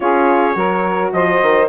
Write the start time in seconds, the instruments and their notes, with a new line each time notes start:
0.00 bassoon C#4, horn F4, saxophone G#4, trumpet C#5
0.53 bassoon F#3, horn F#4, saxophone A#4
1.12 bassoon F3, saxophone C5, trumpet D#5
1.42 bassoon D#3